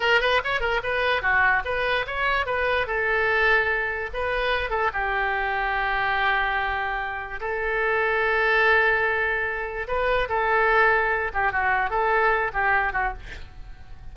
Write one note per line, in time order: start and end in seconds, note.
0.00 0.20 A#4
0.20 0.41 B4
0.44 0.60 C#5
0.60 0.81 A#4
0.83 1.21 B4
1.21 1.63 F#4
1.64 2.05 B4
2.06 2.46 C#5
2.46 2.86 B4
2.86 4.09 A4
4.13 4.69 B4
4.69 4.90 A4
4.93 7.40 G4
7.40 9.87 A4
9.87 10.28 B4
10.29 11.31 A4
11.33 11.52 G4
11.52 11.90 F#4
11.90 12.51 A4
12.53 12.92 G4
12.92 13.13 F#4